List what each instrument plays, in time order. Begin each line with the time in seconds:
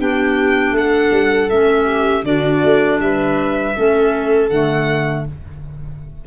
0.00 tuba B3, clarinet D4, viola G4, violin G5
0.72 tuba A3, viola A4
0.78 violin F#5
1.12 tuba G3
1.50 tuba A3, clarinet C#4, violin E5
1.86 viola G4
2.24 tuba D3, clarinet D4, viola F#4, violin D5
2.65 tuba A3
3.00 tuba G3, viola B4, violin E5
3.75 tuba A3, clarinet C#4, viola A4
4.50 tuba D3, clarinet A3, violin F#5